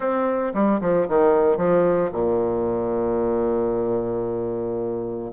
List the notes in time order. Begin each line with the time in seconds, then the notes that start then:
0.00 C4
0.54 G3
0.81 F3
1.08 D#3
1.57 F3
2.12 A#2